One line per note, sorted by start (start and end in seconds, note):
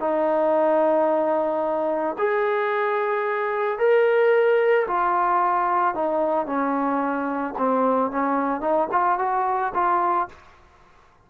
0.00 2.16 D#4
2.18 3.79 G#4
3.79 4.87 A#4
4.88 5.95 F4
5.95 6.46 D#4
6.46 7.55 C#4
7.58 8.11 C4
8.11 8.61 C#4
8.61 8.88 D#4
8.92 9.19 F4
9.19 9.73 F#4
9.74 10.29 F4